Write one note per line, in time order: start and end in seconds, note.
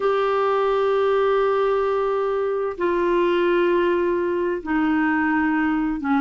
0.00 2.77 G4
2.77 4.62 F4
4.63 6.00 D#4
6.00 6.21 C#4